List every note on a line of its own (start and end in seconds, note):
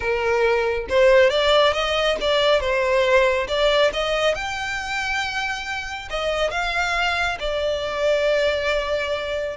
0.00 0.87 A#4
0.89 1.30 C5
1.30 1.73 D5
1.73 2.16 D#5
2.21 2.60 D5
2.60 3.47 C5
3.47 3.91 D5
3.93 4.34 D#5
4.34 6.08 G5
6.09 6.50 D#5
6.50 7.37 F5
7.39 9.57 D5